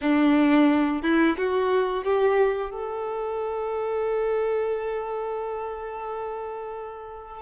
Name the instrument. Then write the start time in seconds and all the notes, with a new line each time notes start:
violin
0.01 D4
1.02 E4
1.37 F#4
2.04 G4
2.70 A4